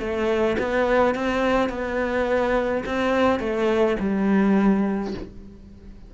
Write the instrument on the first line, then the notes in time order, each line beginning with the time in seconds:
cello
0.00 A3
0.59 B3
1.15 C4
1.70 B3
2.86 C4
3.40 A3
4.00 G3